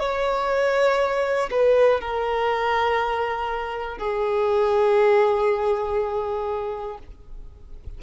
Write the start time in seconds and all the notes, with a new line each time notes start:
0.00 C#5
1.51 B4
2.00 A#4
3.98 G#4